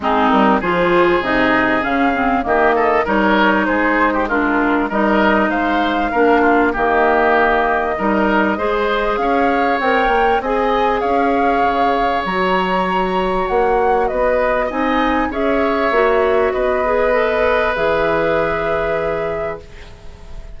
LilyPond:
<<
  \new Staff \with { instrumentName = "flute" } { \time 4/4 \tempo 4 = 98 gis'8 ais'8 c''4 dis''4 f''4 | dis''4 cis''4 c''4 ais'4 | dis''4 f''2 dis''4~ | dis''2. f''4 |
g''4 gis''4 f''2 | ais''2 fis''4 dis''4 | gis''4 e''2 dis''4~ | dis''4 e''2. | }
  \new Staff \with { instrumentName = "oboe" } { \time 4/4 dis'4 gis'2. | g'8 a'8 ais'4 gis'8. g'16 f'4 | ais'4 c''4 ais'8 f'8 g'4~ | g'4 ais'4 c''4 cis''4~ |
cis''4 dis''4 cis''2~ | cis''2. b'4 | dis''4 cis''2 b'4~ | b'1 | }
  \new Staff \with { instrumentName = "clarinet" } { \time 4/4 c'4 f'4 dis'4 cis'8 c'8 | ais4 dis'2 d'4 | dis'2 d'4 ais4~ | ais4 dis'4 gis'2 |
ais'4 gis'2. | fis'1 | dis'4 gis'4 fis'4. gis'8 | a'4 gis'2. | }
  \new Staff \with { instrumentName = "bassoon" } { \time 4/4 gis8 g8 f4 c4 cis4 | dis4 g4 gis2 | g4 gis4 ais4 dis4~ | dis4 g4 gis4 cis'4 |
c'8 ais8 c'4 cis'4 cis4 | fis2 ais4 b4 | c'4 cis'4 ais4 b4~ | b4 e2. | }
>>